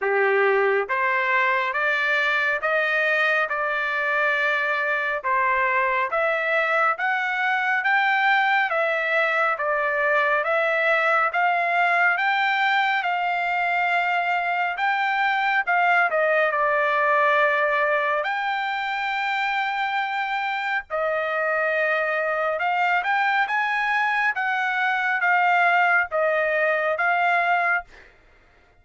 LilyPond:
\new Staff \with { instrumentName = "trumpet" } { \time 4/4 \tempo 4 = 69 g'4 c''4 d''4 dis''4 | d''2 c''4 e''4 | fis''4 g''4 e''4 d''4 | e''4 f''4 g''4 f''4~ |
f''4 g''4 f''8 dis''8 d''4~ | d''4 g''2. | dis''2 f''8 g''8 gis''4 | fis''4 f''4 dis''4 f''4 | }